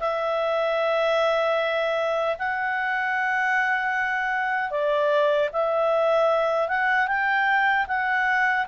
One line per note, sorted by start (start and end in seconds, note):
0.00 2.37 E5
2.39 4.70 F#5
4.70 5.49 D5
5.53 6.69 E5
6.69 7.07 F#5
7.07 7.86 G5
7.87 8.66 F#5